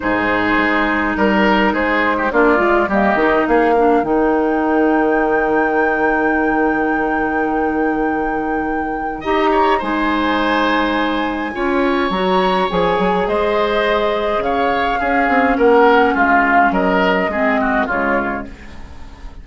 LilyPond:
<<
  \new Staff \with { instrumentName = "flute" } { \time 4/4 \tempo 4 = 104 c''2 ais'4 c''4 | d''4 dis''4 f''4 g''4~ | g''1~ | g''1 |
ais''4 gis''2.~ | gis''4 ais''4 gis''4 dis''4~ | dis''4 f''2 fis''4 | f''4 dis''2 cis''4 | }
  \new Staff \with { instrumentName = "oboe" } { \time 4/4 gis'2 ais'4 gis'8. g'16 | f'4 g'4 gis'8 ais'4.~ | ais'1~ | ais'1 |
dis''8 cis''8 c''2. | cis''2. c''4~ | c''4 cis''4 gis'4 ais'4 | f'4 ais'4 gis'8 fis'8 f'4 | }
  \new Staff \with { instrumentName = "clarinet" } { \time 4/4 dis'1 | d'8 f'8 ais8 dis'4 d'8 dis'4~ | dis'1~ | dis'1 |
g'4 dis'2. | f'4 fis'4 gis'2~ | gis'2 cis'2~ | cis'2 c'4 gis4 | }
  \new Staff \with { instrumentName = "bassoon" } { \time 4/4 gis,4 gis4 g4 gis4 | ais8 gis8 g8 dis8 ais4 dis4~ | dis1~ | dis1 |
dis'4 gis2. | cis'4 fis4 f8 fis8 gis4~ | gis4 cis4 cis'8 c'8 ais4 | gis4 fis4 gis4 cis4 | }
>>